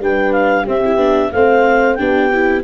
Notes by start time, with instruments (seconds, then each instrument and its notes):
0.00 tuba G3, viola D4, horn B4, clarinet G5
0.33 clarinet F5
0.63 viola C4, tuba C4, horn G4, clarinet E5
0.86 viola E4
0.96 tuba B3, viola D4
1.32 tuba A3, viola C4, horn C5, clarinet F5
1.95 tuba B3, viola D4, horn G4, clarinet G5
2.34 viola E4